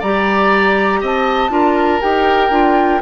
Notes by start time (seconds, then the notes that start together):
0.00 G3 G4 D5 A#5
1.01 C4 D#5 A5
1.50 D4 F4 A#4
2.01 D#4 G4 G5
2.50 D4 F4